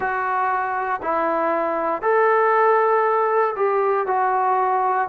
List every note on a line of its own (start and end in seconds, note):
0.00 1.00 F#4
1.02 2.02 E4
2.02 3.54 A4
3.55 4.06 G4
4.06 5.08 F#4